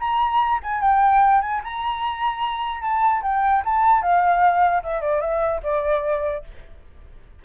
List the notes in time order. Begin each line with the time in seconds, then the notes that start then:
0.00 A#5
0.63 G#5
0.81 G5
1.41 G#5
1.64 A#5
2.82 A5
3.23 G5
3.65 A5
4.02 F5
4.83 E5
5.01 D5
5.21 E5
5.63 D5